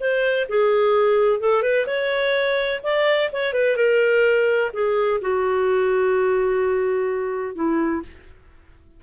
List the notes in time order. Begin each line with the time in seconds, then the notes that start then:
0.00 C5
0.49 G#4
1.40 A4
1.62 B4
1.86 C#5
2.83 D5
3.32 C#5
3.53 B4
3.76 A#4
4.73 G#4
5.21 F#4
7.55 E4